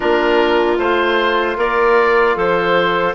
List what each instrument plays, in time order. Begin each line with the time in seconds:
0.00 bassoon A#3, trombone D4, clarinet F4, oboe A#4
0.78 bassoon A3, trombone F4, oboe C5
1.56 bassoon A#3, clarinet A#4, oboe D5
2.35 bassoon F3, clarinet A4, oboe C5